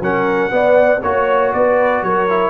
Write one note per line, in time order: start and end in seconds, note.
0.00 0.50 F#3
0.00 0.50 C#4
0.00 0.52 A#4
0.00 1.02 F#5
0.50 1.00 B3
0.50 1.02 B3
0.50 1.03 D5
1.02 1.53 A#3
1.02 2.29 F#4
1.02 1.52 C#5
1.02 1.54 C#5
1.53 2.02 B3
1.53 2.06 B4
1.53 2.03 D5
2.02 2.50 F#3
2.02 2.50 A#4
2.02 2.50 C#5
2.29 2.50 E4